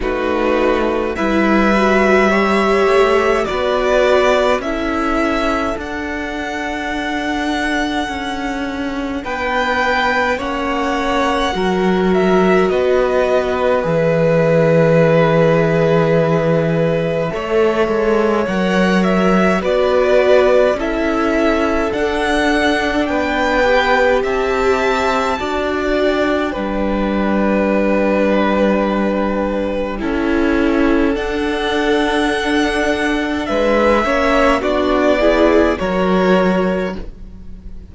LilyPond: <<
  \new Staff \with { instrumentName = "violin" } { \time 4/4 \tempo 4 = 52 b'4 e''2 d''4 | e''4 fis''2. | g''4 fis''4. e''8 dis''4 | e''1 |
fis''8 e''8 d''4 e''4 fis''4 | g''4 a''4. g''4.~ | g''2. fis''4~ | fis''4 e''4 d''4 cis''4 | }
  \new Staff \with { instrumentName = "violin" } { \time 4/4 fis'4 b'4 cis''4 b'4 | a'1 | b'4 cis''4 ais'4 b'4~ | b'2. cis''4~ |
cis''4 b'4 a'2 | b'4 e''4 d''4 b'4~ | b'2 a'2~ | a'4 b'8 cis''8 fis'8 gis'8 ais'4 | }
  \new Staff \with { instrumentName = "viola" } { \time 4/4 dis'4 e'8 fis'8 g'4 fis'4 | e'4 d'2.~ | d'4 cis'4 fis'2 | gis'2. a'4 |
ais'4 fis'4 e'4 d'4~ | d'8 g'4. fis'4 d'4~ | d'2 e'4 d'4~ | d'4. cis'8 d'8 e'8 fis'4 | }
  \new Staff \with { instrumentName = "cello" } { \time 4/4 a4 g4. a8 b4 | cis'4 d'2 cis'4 | b4 ais4 fis4 b4 | e2. a8 gis8 |
fis4 b4 cis'4 d'4 | b4 c'4 d'4 g4~ | g2 cis'4 d'4~ | d'4 gis8 ais8 b4 fis4 | }
>>